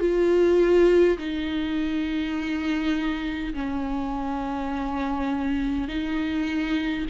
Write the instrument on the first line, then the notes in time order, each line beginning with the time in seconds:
viola
0.00 F4
1.18 D#4
3.54 C#4
5.88 D#4